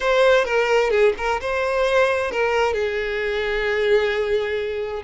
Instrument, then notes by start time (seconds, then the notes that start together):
violin
0.00 C5
0.45 A#4
0.90 G#4
1.17 A#4
1.40 C5
2.31 A#4
2.73 G#4